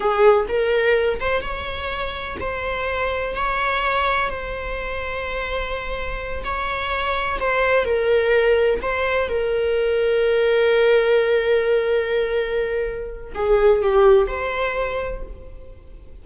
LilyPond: \new Staff \with { instrumentName = "viola" } { \time 4/4 \tempo 4 = 126 gis'4 ais'4. c''8 cis''4~ | cis''4 c''2 cis''4~ | cis''4 c''2.~ | c''4. cis''2 c''8~ |
c''8 ais'2 c''4 ais'8~ | ais'1~ | ais'1 | gis'4 g'4 c''2 | }